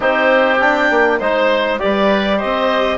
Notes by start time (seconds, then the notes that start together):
0.00 C4 D#4 G4 C5
0.59 D4 G5
0.90 A#3
1.19 G#3 D#4 C5
1.79 G3 G4 B4 D5
2.37 C5 D#5
2.43 C4